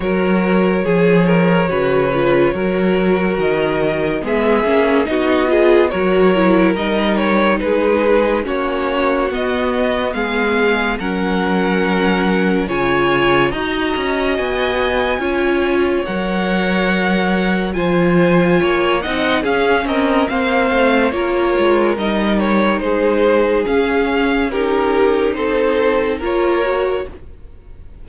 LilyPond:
<<
  \new Staff \with { instrumentName = "violin" } { \time 4/4 \tempo 4 = 71 cis''1 | dis''4 e''4 dis''4 cis''4 | dis''8 cis''8 b'4 cis''4 dis''4 | f''4 fis''2 gis''4 |
ais''4 gis''2 fis''4~ | fis''4 gis''4. fis''8 f''8 dis''8 | f''4 cis''4 dis''8 cis''8 c''4 | f''4 ais'4 c''4 cis''4 | }
  \new Staff \with { instrumentName = "violin" } { \time 4/4 ais'4 gis'8 ais'8 b'4 ais'4~ | ais'4 gis'4 fis'8 gis'8 ais'4~ | ais'4 gis'4 fis'2 | gis'4 ais'2 cis''4 |
dis''2 cis''2~ | cis''4 c''4 cis''8 dis''8 gis'8 ais'8 | c''4 ais'2 gis'4~ | gis'4 g'4 a'4 ais'4 | }
  \new Staff \with { instrumentName = "viola" } { \time 4/4 fis'4 gis'4 fis'8 f'8 fis'4~ | fis'4 b8 cis'8 dis'8 f'8 fis'8 e'8 | dis'2 cis'4 b4~ | b4 cis'2 f'4 |
fis'2 f'4 ais'4~ | ais'4 f'4. dis'8 cis'4 | c'4 f'4 dis'2 | cis'4 dis'2 f'8 fis'8 | }
  \new Staff \with { instrumentName = "cello" } { \time 4/4 fis4 f4 cis4 fis4 | dis4 gis8 ais8 b4 fis4 | g4 gis4 ais4 b4 | gis4 fis2 cis4 |
dis'8 cis'8 b4 cis'4 fis4~ | fis4 f4 ais8 c'8 cis'8 c'8 | ais8 a8 ais8 gis8 g4 gis4 | cis'2 c'4 ais4 | }
>>